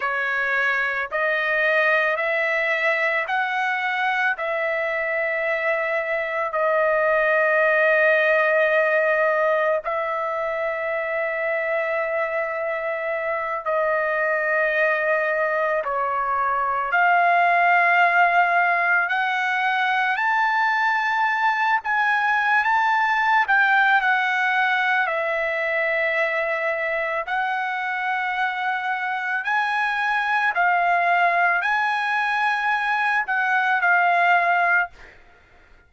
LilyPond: \new Staff \with { instrumentName = "trumpet" } { \time 4/4 \tempo 4 = 55 cis''4 dis''4 e''4 fis''4 | e''2 dis''2~ | dis''4 e''2.~ | e''8 dis''2 cis''4 f''8~ |
f''4. fis''4 a''4. | gis''8. a''8. g''8 fis''4 e''4~ | e''4 fis''2 gis''4 | f''4 gis''4. fis''8 f''4 | }